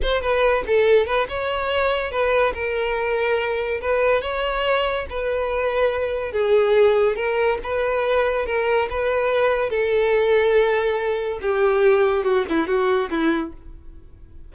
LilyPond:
\new Staff \with { instrumentName = "violin" } { \time 4/4 \tempo 4 = 142 c''8 b'4 a'4 b'8 cis''4~ | cis''4 b'4 ais'2~ | ais'4 b'4 cis''2 | b'2. gis'4~ |
gis'4 ais'4 b'2 | ais'4 b'2 a'4~ | a'2. g'4~ | g'4 fis'8 e'8 fis'4 e'4 | }